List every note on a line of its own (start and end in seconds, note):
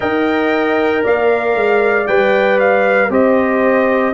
0.00 1.05 D#4
0.00 2.03 A#4
0.00 1.02 D#5
0.00 1.03 G5
1.03 1.55 A#3
1.03 3.10 D5
1.03 2.07 F5
1.55 2.07 G#3
2.07 3.09 G3
2.07 3.09 B4
2.07 2.58 G5
2.59 3.10 F5
3.09 4.13 C4
3.09 4.13 G4
3.09 4.13 C5
3.09 4.14 D#5